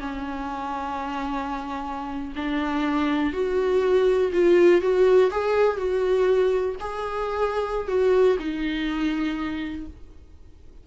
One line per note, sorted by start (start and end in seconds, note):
0.00 2.34 C#4
2.37 3.33 D4
3.33 4.32 F#4
4.33 4.82 F4
4.82 5.31 F#4
5.32 5.78 G#4
5.78 6.76 F#4
6.81 7.88 G#4
7.88 8.37 F#4
8.39 9.87 D#4